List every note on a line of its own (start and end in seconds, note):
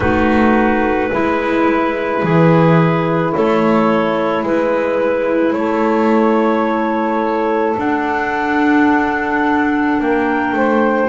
0.00 1.09 A3
0.00 1.11 D#4
0.00 1.09 F#4
0.00 3.33 B4
1.09 2.22 G#3
1.09 5.53 E4
1.09 2.22 E4
2.22 3.33 E3
2.22 3.33 G#4
3.34 4.43 A3
3.34 4.44 A4
3.34 4.45 C#5
4.43 5.53 G#3
4.43 7.77 E4
4.43 5.53 B4
5.53 7.75 A3
5.53 10.02 A4
5.53 7.75 C#5
7.77 11.08 D4
7.77 9.99 D4
7.77 10.00 F#5
9.99 10.53 A#3
9.99 10.55 A#4
9.99 11.08 G5
10.53 11.08 A3
10.53 11.08 C5